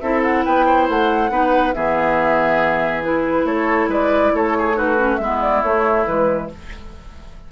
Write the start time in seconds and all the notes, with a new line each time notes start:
0.00 C4 E4 A4 E5
0.23 F#5
0.45 B3 B4 G5
0.66 C5
0.89 A3 F#5
1.30 B3 D#4 B4
1.74 E3 B3 G#4 E5
3.03 E4 B4
3.44 A3 A4 C#5
3.88 G#3 B4 D5
4.34 A3 A4 C#5
4.58 G#4
4.74 D#4 F#4 B4
4.97 C#4
5.17 G#3 B3 E4 E5
5.41 D5
5.62 A3 C#5
6.06 E3 G#3 B4